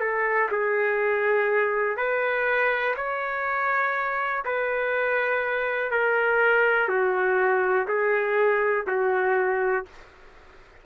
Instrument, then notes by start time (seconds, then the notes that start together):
trumpet
0.00 A4
0.51 G#4
1.97 B4
2.96 C#5
4.45 B4
5.91 A#4
6.89 F#4
7.88 G#4
8.87 F#4